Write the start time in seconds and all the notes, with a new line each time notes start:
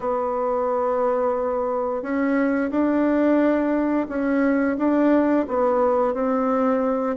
0.00 B3
2.02 C#4
2.71 D4
4.08 C#4
4.78 D4
5.47 B3
6.14 C4